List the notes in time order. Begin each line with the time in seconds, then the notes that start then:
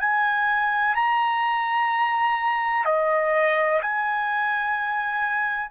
0.00 G#5
0.95 A#5
2.85 D#5
3.81 G#5